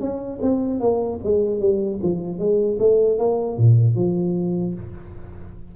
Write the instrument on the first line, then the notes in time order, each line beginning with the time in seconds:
tuba
0.00 C#4
0.42 C4
0.80 A#3
1.24 G#3
1.60 G3
2.03 F3
2.39 G#3
2.80 A3
3.19 A#3
3.58 A#2
3.95 F3